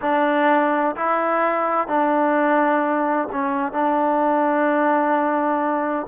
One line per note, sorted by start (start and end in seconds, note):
0.01 0.95 D4
0.96 1.87 E4
1.87 3.28 D4
3.32 3.72 C#4
3.72 6.06 D4